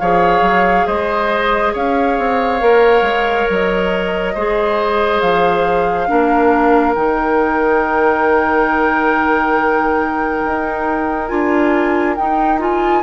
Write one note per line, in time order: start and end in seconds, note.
0.00 0.42 F3
0.00 2.61 G#4
0.00 0.87 C#5
0.00 0.87 F5
0.42 0.85 F#3
0.87 1.74 G#3
0.87 1.74 C5
0.87 1.74 D#5
1.74 2.19 C#4
1.74 4.34 C#5
1.74 3.50 F5
2.19 2.62 C4
2.61 3.03 A#3
2.61 4.35 A#4
3.03 3.46 G#3
3.50 4.36 F#3
3.50 5.21 D#5
4.35 5.22 G#3
4.35 6.09 G#4
4.35 6.09 C5
5.21 6.09 F3
5.21 6.95 F5
6.09 6.97 A#3
6.09 6.95 D4
6.09 13.03 A#4
6.95 10.45 D#3
6.95 11.29 D#4
6.95 11.28 G5
10.46 11.31 D#4
11.28 12.18 D4
11.28 12.16 F4
11.28 12.15 G#5
12.16 13.03 D#4
12.16 12.60 D#4
12.16 12.60 G5
12.60 13.03 F4
12.60 13.03 G#5